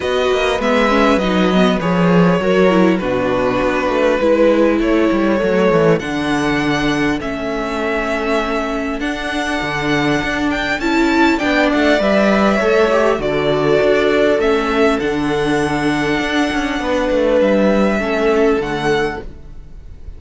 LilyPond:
<<
  \new Staff \with { instrumentName = "violin" } { \time 4/4 \tempo 4 = 100 dis''4 e''4 dis''4 cis''4~ | cis''4 b'2. | cis''2 fis''2 | e''2. fis''4~ |
fis''4. g''8 a''4 g''8 fis''8 | e''2 d''2 | e''4 fis''2.~ | fis''4 e''2 fis''4 | }
  \new Staff \with { instrumentName = "violin" } { \time 4/4 b'1 | ais'4 fis'2 b'4 | a'1~ | a'1~ |
a'2. d''4~ | d''4 cis''4 a'2~ | a'1 | b'2 a'2 | }
  \new Staff \with { instrumentName = "viola" } { \time 4/4 fis'4 b8 cis'8 dis'8 b8 gis'4 | fis'8 e'8 d'2 e'4~ | e'4 a4 d'2 | cis'2. d'4~ |
d'2 e'4 d'4 | b'4 a'8 g'8 fis'2 | cis'4 d'2.~ | d'2 cis'4 a4 | }
  \new Staff \with { instrumentName = "cello" } { \time 4/4 b8 ais8 gis4 fis4 f4 | fis4 b,4 b8 a8 gis4 | a8 g8 fis8 e8 d2 | a2. d'4 |
d4 d'4 cis'4 b8 a8 | g4 a4 d4 d'4 | a4 d2 d'8 cis'8 | b8 a8 g4 a4 d4 | }
>>